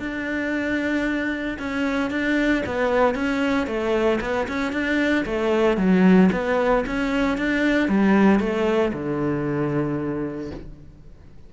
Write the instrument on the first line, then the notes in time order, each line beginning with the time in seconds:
cello
0.00 D4
1.59 C#4
2.11 D4
2.66 B3
3.15 C#4
3.67 A3
4.21 B3
4.48 C#4
4.72 D4
5.26 A3
5.78 F#3
6.32 B3
6.87 C#4
7.38 D4
7.89 G3
8.40 A3
8.93 D3